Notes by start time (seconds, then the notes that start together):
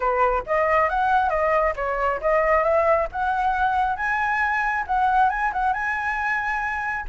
0.00 B4
0.46 D#5
0.89 F#5
1.29 D#5
1.76 C#5
2.21 D#5
2.63 E5
3.12 F#5
3.96 G#5
4.86 F#5
5.29 G#5
5.52 F#5
5.73 G#5